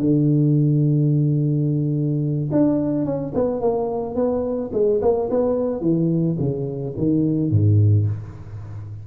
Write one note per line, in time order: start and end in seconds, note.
0.00 2.50 D3
2.52 3.05 D4
3.05 3.33 C#4
3.34 3.61 B3
3.61 4.15 A#3
4.15 4.71 B3
4.73 5.01 G#3
5.02 5.30 A#3
5.30 5.81 B3
5.81 6.36 E3
6.39 6.95 C#3
6.97 7.51 D#3
7.51 8.06 G#2